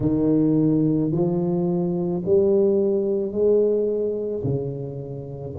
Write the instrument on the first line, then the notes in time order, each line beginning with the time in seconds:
tuba
0.00 D#3
1.11 F3
2.25 G3
3.31 G#3
4.44 C#3